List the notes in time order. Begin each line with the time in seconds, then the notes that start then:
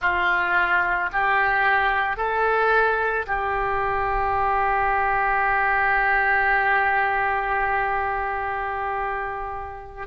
0.00 F4
1.12 G4
2.16 A4
3.26 G4